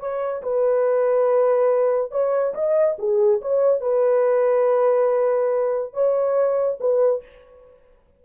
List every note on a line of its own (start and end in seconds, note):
0.00 0.43 C#5
0.43 2.12 B4
2.12 2.54 C#5
2.55 2.97 D#5
2.99 3.41 G#4
3.42 3.81 C#5
3.81 5.94 B4
5.94 6.79 C#5
6.80 7.23 B4